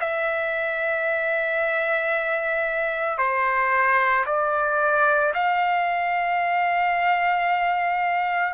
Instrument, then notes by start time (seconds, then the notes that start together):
trumpet
0.00 E5
3.18 C5
4.26 D5
5.34 F5